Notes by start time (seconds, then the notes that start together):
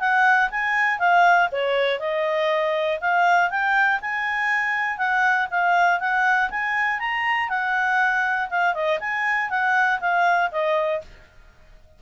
0.00 F#5
0.51 G#5
0.99 F5
1.52 C#5
2.00 D#5
3.01 F5
3.50 G5
4.01 G#5
4.98 F#5
5.51 F5
6.00 F#5
6.50 G#5
7.00 A#5
7.49 F#5
8.50 F5
8.74 D#5
9.00 G#5
9.50 F#5
10.00 F5
10.52 D#5